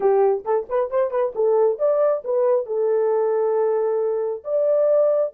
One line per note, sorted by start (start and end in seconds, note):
0.00 0.44 G4
0.44 0.67 A4
0.69 0.90 B4
0.90 1.11 C5
1.11 1.33 B4
1.35 1.79 A4
1.79 2.23 D5
2.24 2.65 B4
2.65 4.43 A4
4.44 5.33 D5